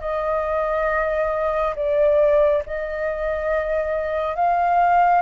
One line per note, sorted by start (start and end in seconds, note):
0.00 1.74 D#5
1.75 2.62 D5
2.66 4.36 D#5
4.36 5.21 F5